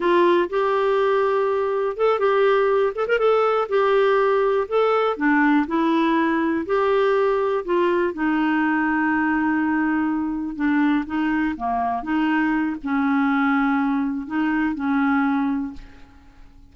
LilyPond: \new Staff \with { instrumentName = "clarinet" } { \time 4/4 \tempo 4 = 122 f'4 g'2. | a'8 g'4. a'16 ais'16 a'4 g'8~ | g'4. a'4 d'4 e'8~ | e'4. g'2 f'8~ |
f'8 dis'2.~ dis'8~ | dis'4. d'4 dis'4 ais8~ | ais8 dis'4. cis'2~ | cis'4 dis'4 cis'2 | }